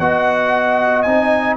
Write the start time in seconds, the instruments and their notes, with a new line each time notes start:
0.00 tuba B3, trombone F#4, horn D#5, trumpet F#5
1.03 tuba C4, trombone D#4, trumpet G#5